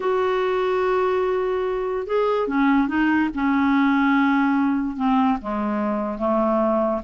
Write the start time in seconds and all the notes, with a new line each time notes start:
0.00 F#4
2.06 G#4
2.47 C#4
2.88 D#4
3.34 C#4
4.96 C4
5.41 G#3
6.18 A3